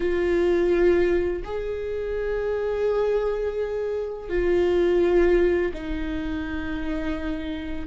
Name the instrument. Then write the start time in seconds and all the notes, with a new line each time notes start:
viola
0.00 F4
1.44 G#4
4.29 F4
5.73 D#4